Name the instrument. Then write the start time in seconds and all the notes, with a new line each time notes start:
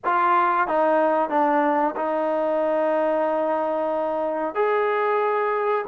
trombone
0.04 F4
0.67 D#4
1.29 D4
1.96 D#4
4.54 G#4